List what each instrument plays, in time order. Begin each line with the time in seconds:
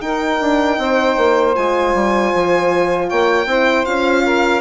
0.00 bassoon D#4, horn D#4, saxophone A#4, violin G5
0.40 bassoon D4
0.77 bassoon C4, saxophone C5
1.17 bassoon A#3
1.54 bassoon G#3, horn F4, violin G#5
1.94 bassoon G3
2.34 bassoon F3
3.07 bassoon A#3, saxophone C#5, violin G5
3.46 bassoon C4, horn E4, saxophone C5
3.84 bassoon C#4, horn F4, violin F5
4.24 saxophone A#4